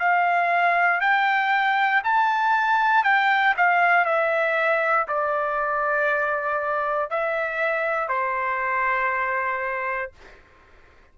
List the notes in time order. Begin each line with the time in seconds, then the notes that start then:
0.00 F5
1.01 G5
2.04 A5
3.04 G5
3.57 F5
4.05 E5
5.08 D5
7.11 E5
8.09 C5